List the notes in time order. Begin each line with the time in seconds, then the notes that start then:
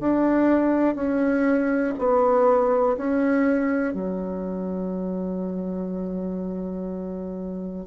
0.00 D4
0.95 C#4
1.98 B3
2.97 C#4
3.94 F#3